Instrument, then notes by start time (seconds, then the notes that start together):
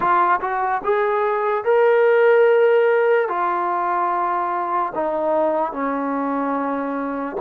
trombone
0.00 F4
0.40 F#4
0.84 G#4
1.64 A#4
3.28 F4
4.94 D#4
5.72 C#4